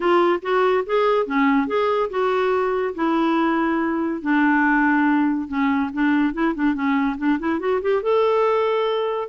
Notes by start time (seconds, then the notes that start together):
0.00 F4
0.41 F#4
0.86 G#4
1.26 C#4
1.67 G#4
2.09 F#4
2.94 E4
4.21 D4
5.48 C#4
5.93 D4
6.33 E4
6.55 D4
6.74 C#4
7.17 D4
7.39 E4
7.59 F#4
7.81 G4
8.02 A4